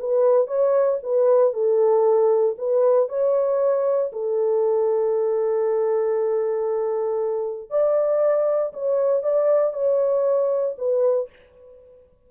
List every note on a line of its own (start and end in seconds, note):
0.00 0.48 B4
0.48 0.99 C#5
1.03 1.54 B4
1.54 2.56 A4
2.59 3.09 B4
3.09 4.12 C#5
4.13 7.71 A4
7.71 8.73 D5
8.74 9.24 C#5
9.24 9.74 D5
9.74 10.76 C#5
10.79 11.30 B4